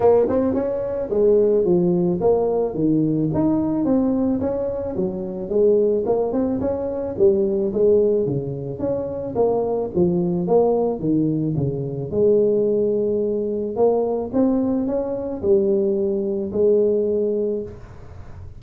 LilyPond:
\new Staff \with { instrumentName = "tuba" } { \time 4/4 \tempo 4 = 109 ais8 c'8 cis'4 gis4 f4 | ais4 dis4 dis'4 c'4 | cis'4 fis4 gis4 ais8 c'8 | cis'4 g4 gis4 cis4 |
cis'4 ais4 f4 ais4 | dis4 cis4 gis2~ | gis4 ais4 c'4 cis'4 | g2 gis2 | }